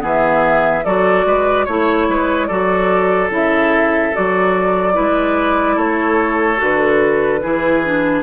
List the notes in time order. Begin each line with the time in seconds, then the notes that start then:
0.00 E3 B3 G#4 E5
0.85 F#3 F#4 A4 D5
1.26 G#3 B4
1.65 A3 E4 C#5
2.09 G#3 B4
2.47 F#3 F#4 A4 D5
3.30 C#3 E4 E5
4.14 F#3 F#4 D5
4.94 G#3 E4 B4
5.76 A3 A4 C#5
6.57 D3 F#4 B4
7.43 E3 E4 G#4
7.85 D4